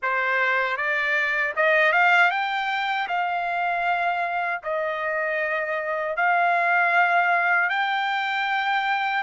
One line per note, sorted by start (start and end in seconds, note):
0.02 0.76 C5
0.76 1.53 D5
1.56 1.92 D#5
1.92 2.30 F5
2.30 3.07 G5
3.08 4.62 F5
4.63 6.16 D#5
6.16 7.69 F5
7.69 9.23 G5